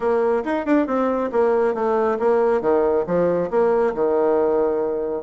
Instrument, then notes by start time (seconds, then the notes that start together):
bassoon
0.00 A#3
0.44 D#4
0.65 D4
0.86 C4
1.32 A#3
1.74 A3
2.19 A#3
2.61 D#3
3.06 F3
3.50 A#3
3.94 D#3